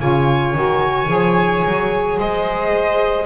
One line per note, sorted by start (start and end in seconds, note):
0.00 0.55 C#3
0.00 0.55 F4
0.00 2.18 C#5
0.00 2.19 G#5
0.55 1.08 D#3
0.55 1.07 F#4
1.07 1.63 F3
1.07 3.25 G#4
1.65 2.20 F#3
2.18 3.26 G#3
2.18 3.26 C5
2.18 3.26 D#5